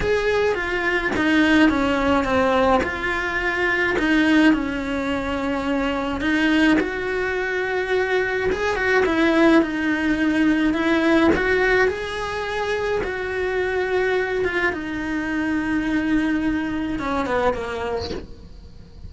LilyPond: \new Staff \with { instrumentName = "cello" } { \time 4/4 \tempo 4 = 106 gis'4 f'4 dis'4 cis'4 | c'4 f'2 dis'4 | cis'2. dis'4 | fis'2. gis'8 fis'8 |
e'4 dis'2 e'4 | fis'4 gis'2 fis'4~ | fis'4. f'8 dis'2~ | dis'2 cis'8 b8 ais4 | }